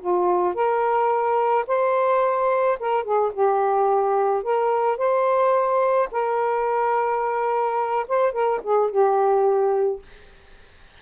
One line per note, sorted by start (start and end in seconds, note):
0.00 0.54 F4
0.54 1.65 A#4
1.67 2.78 C5
2.79 3.04 A#4
3.04 3.32 G#4
3.33 4.43 G4
4.43 4.97 A#4
4.97 6.08 C5
6.11 8.06 A#4
8.08 8.32 C5
8.32 8.60 A#4
8.63 8.91 G#4
8.91 10.02 G4